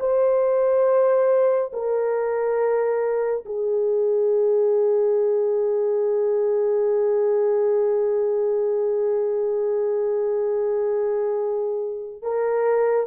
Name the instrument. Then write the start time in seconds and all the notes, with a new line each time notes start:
horn
0.00 C5
1.73 A#4
3.46 G#4
12.22 A#4